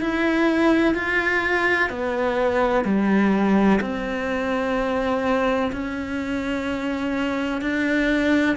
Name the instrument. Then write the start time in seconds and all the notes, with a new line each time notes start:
cello
0.00 E4
0.94 F4
1.90 B3
2.84 G3
3.81 C4
5.72 C#4
7.61 D4